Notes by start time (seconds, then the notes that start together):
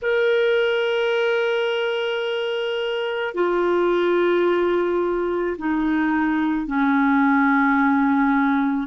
0.02 A#4
3.34 F4
5.58 D#4
6.66 C#4